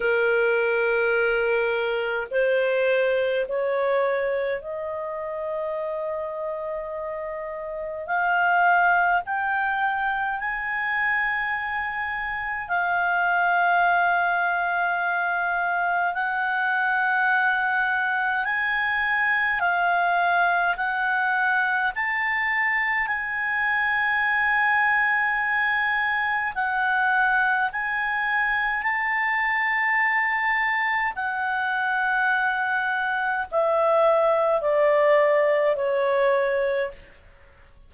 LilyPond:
\new Staff \with { instrumentName = "clarinet" } { \time 4/4 \tempo 4 = 52 ais'2 c''4 cis''4 | dis''2. f''4 | g''4 gis''2 f''4~ | f''2 fis''2 |
gis''4 f''4 fis''4 a''4 | gis''2. fis''4 | gis''4 a''2 fis''4~ | fis''4 e''4 d''4 cis''4 | }